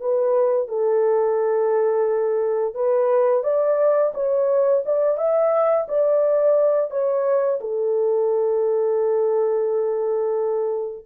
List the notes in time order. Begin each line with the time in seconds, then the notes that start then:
0.00 B4
0.68 A4
2.75 B4
3.43 D5
4.14 C#5
4.85 D5
5.18 E5
5.88 D5
6.91 C#5
7.61 A4